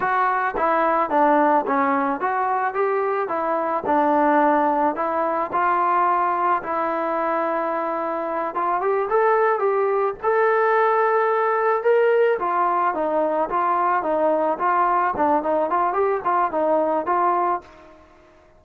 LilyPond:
\new Staff \with { instrumentName = "trombone" } { \time 4/4 \tempo 4 = 109 fis'4 e'4 d'4 cis'4 | fis'4 g'4 e'4 d'4~ | d'4 e'4 f'2 | e'2.~ e'8 f'8 |
g'8 a'4 g'4 a'4.~ | a'4. ais'4 f'4 dis'8~ | dis'8 f'4 dis'4 f'4 d'8 | dis'8 f'8 g'8 f'8 dis'4 f'4 | }